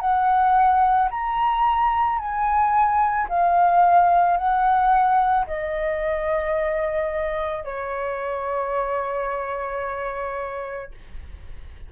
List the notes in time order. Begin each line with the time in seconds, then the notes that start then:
0.00 F#5
1.11 A#5
2.19 G#5
3.29 F5
4.37 F#5
5.46 D#5
7.64 C#5